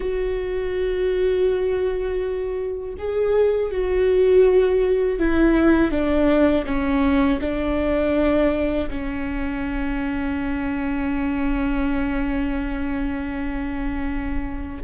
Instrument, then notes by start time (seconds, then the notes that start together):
viola
0.00 F#4
2.98 G#4
3.71 F#4
5.19 E4
5.91 D4
6.65 C#4
7.40 D4
8.90 C#4